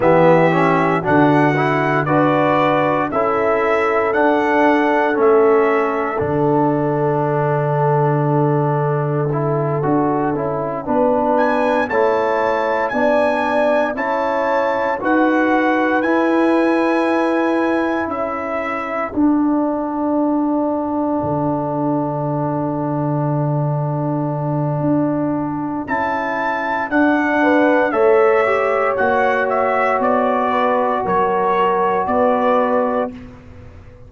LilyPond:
<<
  \new Staff \with { instrumentName = "trumpet" } { \time 4/4 \tempo 4 = 58 e''4 fis''4 d''4 e''4 | fis''4 e''4 fis''2~ | fis''2. gis''8 a''8~ | a''8 gis''4 a''4 fis''4 gis''8~ |
gis''4. e''4 fis''4.~ | fis''1~ | fis''4 a''4 fis''4 e''4 | fis''8 e''8 d''4 cis''4 d''4 | }
  \new Staff \with { instrumentName = "horn" } { \time 4/4 g'4 fis'4 b'4 a'4~ | a'1~ | a'2~ a'8 b'4 cis''8~ | cis''8 d''4 cis''4 b'4.~ |
b'4. a'2~ a'8~ | a'1~ | a'2~ a'8 b'8 cis''4~ | cis''4. b'8 ais'4 b'4 | }
  \new Staff \with { instrumentName = "trombone" } { \time 4/4 b8 cis'8 d'8 e'8 fis'4 e'4 | d'4 cis'4 d'2~ | d'4 e'8 fis'8 e'8 d'4 e'8~ | e'8 d'4 e'4 fis'4 e'8~ |
e'2~ e'8 d'4.~ | d'1~ | d'4 e'4 d'4 a'8 g'8 | fis'1 | }
  \new Staff \with { instrumentName = "tuba" } { \time 4/4 e4 d4 d'4 cis'4 | d'4 a4 d2~ | d4. d'8 cis'8 b4 a8~ | a8 b4 cis'4 dis'4 e'8~ |
e'4. cis'4 d'4.~ | d'8 d2.~ d8 | d'4 cis'4 d'4 a4 | ais4 b4 fis4 b4 | }
>>